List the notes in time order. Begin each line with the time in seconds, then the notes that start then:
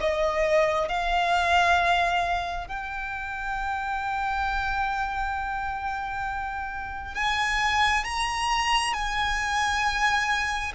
0.00 D#5
0.88 F5
2.67 G5
7.14 G#5
8.04 A#5
8.93 G#5